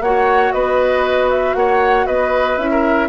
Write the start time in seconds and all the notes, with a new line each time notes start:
0.00 A#3 F#4 C#5 F#5
0.52 B3 B4 D#5
1.30 E5
1.55 A#3 C#5 F#5
2.06 B3 B4 D#5
2.57 C#4 E4 E5
2.71 A#4